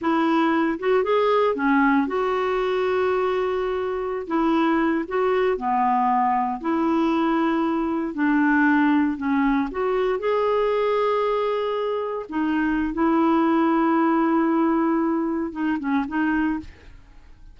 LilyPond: \new Staff \with { instrumentName = "clarinet" } { \time 4/4 \tempo 4 = 116 e'4. fis'8 gis'4 cis'4 | fis'1~ | fis'16 e'4. fis'4 b4~ b16~ | b8. e'2. d'16~ |
d'4.~ d'16 cis'4 fis'4 gis'16~ | gis'2.~ gis'8. dis'16~ | dis'4 e'2.~ | e'2 dis'8 cis'8 dis'4 | }